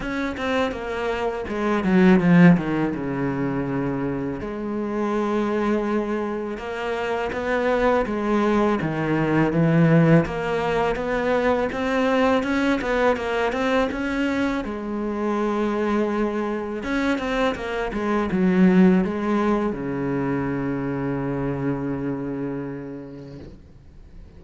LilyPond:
\new Staff \with { instrumentName = "cello" } { \time 4/4 \tempo 4 = 82 cis'8 c'8 ais4 gis8 fis8 f8 dis8 | cis2 gis2~ | gis4 ais4 b4 gis4 | dis4 e4 ais4 b4 |
c'4 cis'8 b8 ais8 c'8 cis'4 | gis2. cis'8 c'8 | ais8 gis8 fis4 gis4 cis4~ | cis1 | }